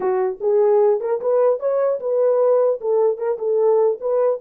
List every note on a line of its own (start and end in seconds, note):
0.00 0.38 F#4
0.40 1.00 G#4
1.00 1.20 A#4
1.21 1.59 B4
1.59 1.99 C#5
1.99 2.79 B4
2.81 3.17 A4
3.17 3.37 A#4
3.38 3.98 A4
4.00 4.40 B4